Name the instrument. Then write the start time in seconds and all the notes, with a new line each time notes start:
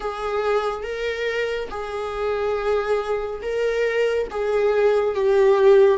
viola
0.00 G#4
0.83 A#4
1.69 G#4
3.41 A#4
4.30 G#4
5.14 G4